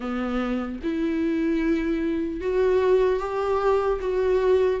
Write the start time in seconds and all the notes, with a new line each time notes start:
0.00 B3
0.83 E4
2.40 F#4
3.19 G4
4.00 F#4